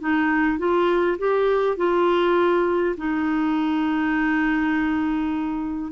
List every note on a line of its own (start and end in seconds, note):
0.00 0.58 D#4
0.58 1.17 F4
1.18 1.77 G4
1.77 2.96 F4
2.97 5.92 D#4